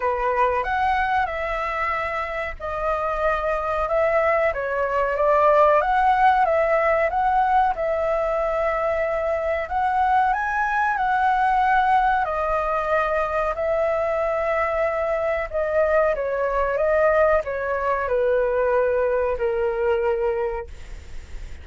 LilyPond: \new Staff \with { instrumentName = "flute" } { \time 4/4 \tempo 4 = 93 b'4 fis''4 e''2 | dis''2 e''4 cis''4 | d''4 fis''4 e''4 fis''4 | e''2. fis''4 |
gis''4 fis''2 dis''4~ | dis''4 e''2. | dis''4 cis''4 dis''4 cis''4 | b'2 ais'2 | }